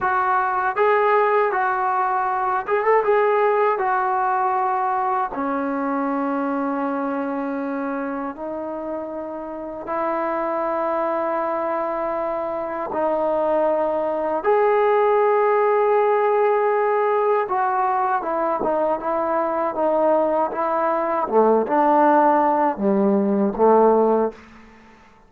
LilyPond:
\new Staff \with { instrumentName = "trombone" } { \time 4/4 \tempo 4 = 79 fis'4 gis'4 fis'4. gis'16 a'16 | gis'4 fis'2 cis'4~ | cis'2. dis'4~ | dis'4 e'2.~ |
e'4 dis'2 gis'4~ | gis'2. fis'4 | e'8 dis'8 e'4 dis'4 e'4 | a8 d'4. g4 a4 | }